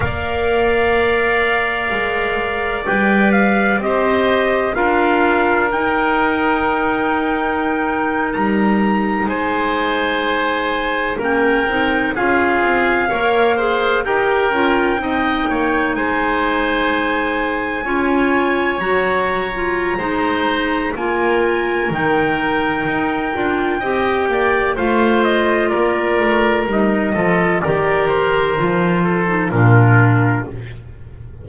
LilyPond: <<
  \new Staff \with { instrumentName = "trumpet" } { \time 4/4 \tempo 4 = 63 f''2. g''8 f''8 | dis''4 f''4 g''2~ | g''8. ais''4 gis''2 g''16~ | g''8. f''2 g''4~ g''16~ |
g''8. gis''2. ais''16~ | ais''2 gis''4 g''4~ | g''2 f''8 dis''8 d''4 | dis''4 d''8 c''4. ais'4 | }
  \new Staff \with { instrumentName = "oboe" } { \time 4/4 d''1 | c''4 ais'2.~ | ais'4.~ ais'16 c''2 ais'16~ | ais'8. gis'4 cis''8 c''8 ais'4 dis''16~ |
dis''16 cis''8 c''2 cis''4~ cis''16~ | cis''4 c''4 ais'2~ | ais'4 dis''8 d''8 c''4 ais'4~ | ais'8 a'8 ais'4. a'8 f'4 | }
  \new Staff \with { instrumentName = "clarinet" } { \time 4/4 ais'2. b'4 | g'4 f'4 dis'2~ | dis'2.~ dis'8. cis'16~ | cis'16 dis'8 f'4 ais'8 gis'8 g'8 f'8 dis'16~ |
dis'2~ dis'8. f'4 fis'16~ | fis'8 f'8 dis'4 f'4 dis'4~ | dis'8 f'8 g'4 f'2 | dis'8 f'8 g'4 f'8. dis'16 d'4 | }
  \new Staff \with { instrumentName = "double bass" } { \time 4/4 ais2 gis4 g4 | c'4 d'4 dis'2~ | dis'8. g4 gis2 ais16~ | ais16 c'8 cis'8 c'8 ais4 dis'8 cis'8 c'16~ |
c'16 ais8 gis2 cis'4 fis16~ | fis4 gis4 ais4 dis4 | dis'8 d'8 c'8 ais8 a4 ais8 a8 | g8 f8 dis4 f4 ais,4 | }
>>